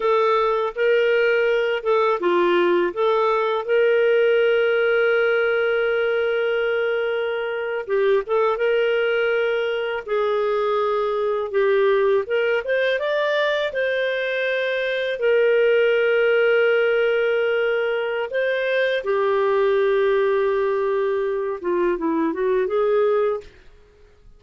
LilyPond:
\new Staff \with { instrumentName = "clarinet" } { \time 4/4 \tempo 4 = 82 a'4 ais'4. a'8 f'4 | a'4 ais'2.~ | ais'2~ ais'8. g'8 a'8 ais'16~ | ais'4.~ ais'16 gis'2 g'16~ |
g'8. ais'8 c''8 d''4 c''4~ c''16~ | c''8. ais'2.~ ais'16~ | ais'4 c''4 g'2~ | g'4. f'8 e'8 fis'8 gis'4 | }